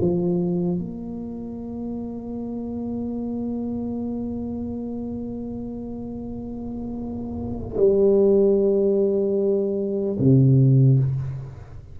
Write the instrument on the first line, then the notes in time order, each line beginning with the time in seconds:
tuba
0.00 F3
0.78 A#3
7.77 G3
10.19 C3